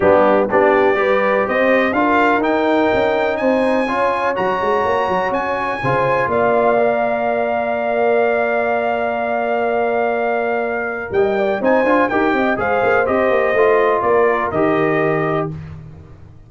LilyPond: <<
  \new Staff \with { instrumentName = "trumpet" } { \time 4/4 \tempo 4 = 124 g'4 d''2 dis''4 | f''4 g''2 gis''4~ | gis''4 ais''2 gis''4~ | gis''4 f''2.~ |
f''1~ | f''2. g''4 | gis''4 g''4 f''4 dis''4~ | dis''4 d''4 dis''2 | }
  \new Staff \with { instrumentName = "horn" } { \time 4/4 d'4 g'4 b'4 c''4 | ais'2. c''4 | cis''1 | c''4 d''2.~ |
d''1~ | d''2. dis''8 d''8 | c''4 ais'8 dis''8 c''2~ | c''4 ais'2. | }
  \new Staff \with { instrumentName = "trombone" } { \time 4/4 b4 d'4 g'2 | f'4 dis'2. | f'4 fis'2. | f'2 ais'2~ |
ais'1~ | ais'1 | dis'8 f'8 g'4 gis'4 g'4 | f'2 g'2 | }
  \new Staff \with { instrumentName = "tuba" } { \time 4/4 g4 b4 g4 c'4 | d'4 dis'4 cis'4 c'4 | cis'4 fis8 gis8 ais8 fis8 cis'4 | cis4 ais2.~ |
ais1~ | ais2. g4 | c'8 d'8 dis'8 c'8 gis8 ais8 c'8 ais8 | a4 ais4 dis2 | }
>>